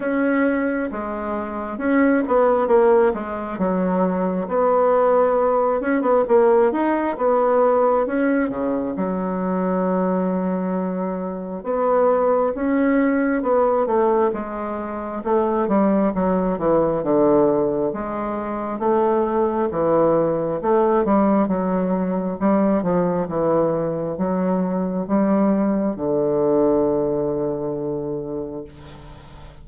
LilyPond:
\new Staff \with { instrumentName = "bassoon" } { \time 4/4 \tempo 4 = 67 cis'4 gis4 cis'8 b8 ais8 gis8 | fis4 b4. cis'16 b16 ais8 dis'8 | b4 cis'8 cis8 fis2~ | fis4 b4 cis'4 b8 a8 |
gis4 a8 g8 fis8 e8 d4 | gis4 a4 e4 a8 g8 | fis4 g8 f8 e4 fis4 | g4 d2. | }